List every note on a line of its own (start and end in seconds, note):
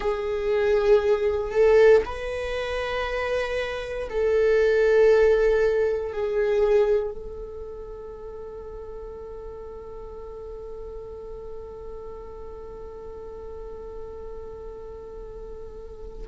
0.00 1.51 G#4
1.51 2.02 A4
2.05 4.08 B4
4.09 6.12 A4
6.12 7.11 G#4
7.11 16.26 A4